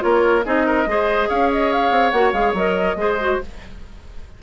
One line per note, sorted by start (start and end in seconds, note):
0.00 0.46 A#3
0.00 0.42 F4
0.00 0.45 A#4
0.00 0.44 C#5
0.45 0.86 C4
0.45 0.87 D#4
0.45 0.66 G#4
0.45 1.29 D#5
0.66 0.87 A#4
0.86 1.28 G#3
0.86 2.13 G#4
0.86 1.29 C5
1.29 1.90 C#4
1.29 2.96 C#5
1.29 1.50 F5
1.52 1.72 D#5
1.72 2.10 F5
1.90 2.11 C4
2.10 2.33 A#3
2.10 2.34 F#4
2.10 2.31 F#5
2.32 2.53 G#3
2.32 2.55 G#4
2.32 2.53 F5
2.53 2.95 F#3
2.53 2.97 A#4
2.53 3.40 D#5
2.96 3.37 G#3
2.96 3.18 G#4
2.96 3.42 C5
3.20 3.41 F#4